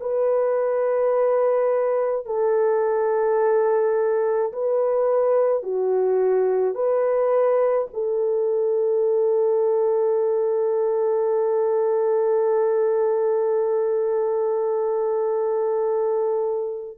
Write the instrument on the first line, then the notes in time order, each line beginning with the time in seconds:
horn
0.00 B4
2.26 A4
4.53 B4
5.63 F#4
6.75 B4
7.93 A4